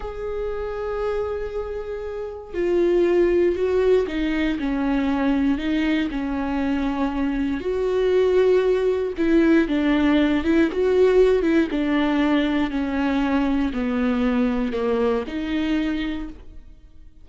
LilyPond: \new Staff \with { instrumentName = "viola" } { \time 4/4 \tempo 4 = 118 gis'1~ | gis'4 f'2 fis'4 | dis'4 cis'2 dis'4 | cis'2. fis'4~ |
fis'2 e'4 d'4~ | d'8 e'8 fis'4. e'8 d'4~ | d'4 cis'2 b4~ | b4 ais4 dis'2 | }